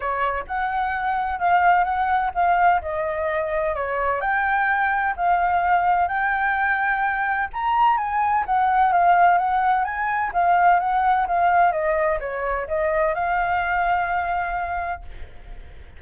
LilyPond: \new Staff \with { instrumentName = "flute" } { \time 4/4 \tempo 4 = 128 cis''4 fis''2 f''4 | fis''4 f''4 dis''2 | cis''4 g''2 f''4~ | f''4 g''2. |
ais''4 gis''4 fis''4 f''4 | fis''4 gis''4 f''4 fis''4 | f''4 dis''4 cis''4 dis''4 | f''1 | }